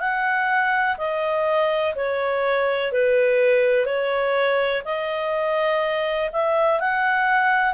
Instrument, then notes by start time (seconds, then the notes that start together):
clarinet
0.00 F#5
0.98 D#5
1.96 C#5
2.93 B4
3.86 C#5
4.85 D#5
6.33 E5
6.80 F#5